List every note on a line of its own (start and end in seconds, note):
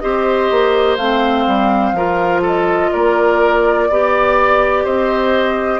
0.00 0.51 C4
0.00 0.99 G4
0.00 1.97 C5
0.00 0.97 D#5
0.51 0.98 A#3
0.97 1.46 A3
0.97 1.97 C4
0.97 2.42 F5
1.47 1.93 G3
1.93 2.90 F3
1.93 3.90 F4
1.93 2.42 A#4
2.42 2.91 A4
2.42 2.93 D#5
2.93 3.90 A#3
2.93 3.89 A#4
2.93 4.86 D5
3.89 4.85 B3
3.89 5.80 G4
3.89 4.84 D5
4.84 5.80 C4
4.84 5.80 C5
4.84 5.80 D#5